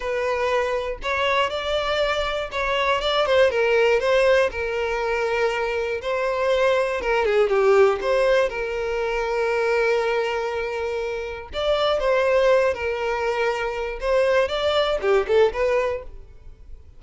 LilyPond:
\new Staff \with { instrumentName = "violin" } { \time 4/4 \tempo 4 = 120 b'2 cis''4 d''4~ | d''4 cis''4 d''8 c''8 ais'4 | c''4 ais'2. | c''2 ais'8 gis'8 g'4 |
c''4 ais'2.~ | ais'2. d''4 | c''4. ais'2~ ais'8 | c''4 d''4 g'8 a'8 b'4 | }